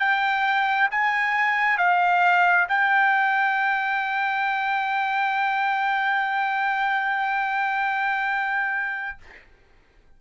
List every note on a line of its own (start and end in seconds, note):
0.00 0.90 G5
0.91 1.78 G#5
1.78 2.68 F5
2.69 9.18 G5